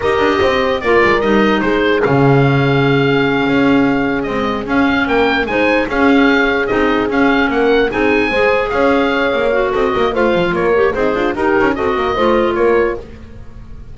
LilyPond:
<<
  \new Staff \with { instrumentName = "oboe" } { \time 4/4 \tempo 4 = 148 dis''2 d''4 dis''4 | c''4 f''2.~ | f''2~ f''8 dis''4 f''8~ | f''8 g''4 gis''4 f''4.~ |
f''8 dis''4 f''4 fis''4 gis''8~ | gis''4. f''2~ f''8 | dis''4 f''4 cis''4 c''4 | ais'4 dis''2 cis''4 | }
  \new Staff \with { instrumentName = "horn" } { \time 4/4 ais'4 c''4 ais'2 | gis'1~ | gis'1~ | gis'8 ais'4 c''4 gis'4.~ |
gis'2~ gis'8 ais'4 gis'8~ | gis'8 c''4 cis''2~ cis''8 | a'8 ais'8 c''4 ais'4 dis'8 f'8 | g'4 a'8 ais'8 c''4 ais'4 | }
  \new Staff \with { instrumentName = "clarinet" } { \time 4/4 g'2 f'4 dis'4~ | dis'4 cis'2.~ | cis'2~ cis'8 gis4 cis'8~ | cis'4. dis'4 cis'4.~ |
cis'8 dis'4 cis'2 dis'8~ | dis'8 gis'2. fis'8~ | fis'4 f'4. g'8 gis'4 | dis'4 fis'4 f'2 | }
  \new Staff \with { instrumentName = "double bass" } { \time 4/4 dis'8 d'8 c'4 ais8 gis8 g4 | gis4 cis2.~ | cis8 cis'2 c'4 cis'8~ | cis'8 ais4 gis4 cis'4.~ |
cis'8 c'4 cis'4 ais4 c'8~ | c'8 gis4 cis'4. ais4 | c'8 ais8 a8 f8 ais4 c'8 d'8 | dis'8 cis'8 c'8 ais8 a4 ais4 | }
>>